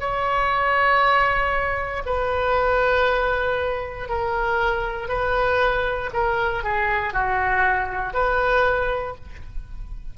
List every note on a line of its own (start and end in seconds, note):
0.00 2.03 C#5
2.06 4.09 B4
4.09 5.08 A#4
5.08 6.10 B4
6.13 6.64 A#4
6.64 7.13 G#4
7.13 8.14 F#4
8.14 9.15 B4